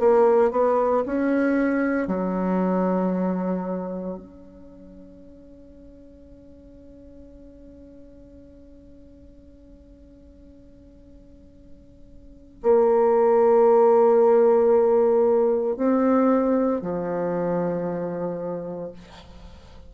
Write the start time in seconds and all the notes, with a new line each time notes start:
0.00 A#3
0.52 B3
1.06 C#4
2.08 F#3
4.18 C#4
12.63 A#3
15.77 C4
16.82 F3